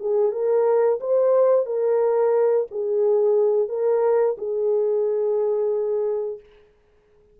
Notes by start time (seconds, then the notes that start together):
0.00 G#4
0.32 A#4
1.00 C5
1.66 A#4
2.71 G#4
3.69 A#4
4.38 G#4